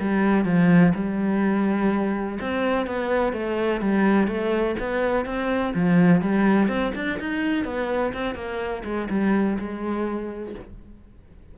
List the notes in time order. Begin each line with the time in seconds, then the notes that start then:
0.00 G3
0.46 F3
0.95 G3
2.41 C4
2.87 B3
3.33 A3
3.81 G3
4.28 A3
4.80 B3
5.26 C4
5.75 F3
6.22 G3
6.69 C4
6.95 D4
7.20 D#4
7.65 B3
8.14 C4
8.35 A#3
8.85 G#3
9.10 G3
9.59 G#3